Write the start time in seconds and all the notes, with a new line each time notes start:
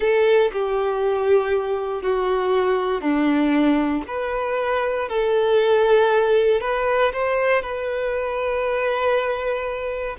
0.00 A4
0.52 G4
2.02 F#4
3.01 D4
4.07 B4
5.08 A4
6.61 B4
7.12 C5
7.62 B4